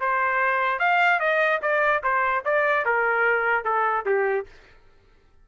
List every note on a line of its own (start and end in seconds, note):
0.00 0.79 C5
0.79 1.19 F5
1.19 1.60 D#5
1.62 2.02 D5
2.03 2.44 C5
2.45 2.85 D5
2.85 3.64 A#4
3.64 4.05 A4
4.05 4.46 G4